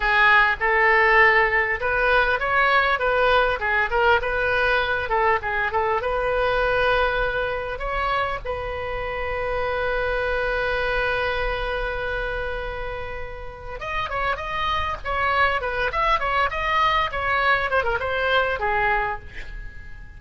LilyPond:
\new Staff \with { instrumentName = "oboe" } { \time 4/4 \tempo 4 = 100 gis'4 a'2 b'4 | cis''4 b'4 gis'8 ais'8 b'4~ | b'8 a'8 gis'8 a'8 b'2~ | b'4 cis''4 b'2~ |
b'1~ | b'2. dis''8 cis''8 | dis''4 cis''4 b'8 e''8 cis''8 dis''8~ | dis''8 cis''4 c''16 ais'16 c''4 gis'4 | }